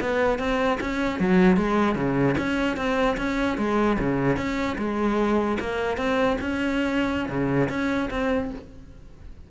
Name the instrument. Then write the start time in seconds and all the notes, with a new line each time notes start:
cello
0.00 B3
0.39 C4
0.80 C#4
1.19 F#3
1.56 G#3
1.95 C#3
2.37 C#4
2.76 C4
3.17 C#4
3.57 G#3
3.99 C#3
4.36 C#4
4.77 G#3
5.59 A#3
5.97 C4
6.40 C#4
7.28 C#3
7.69 C#4
8.10 C4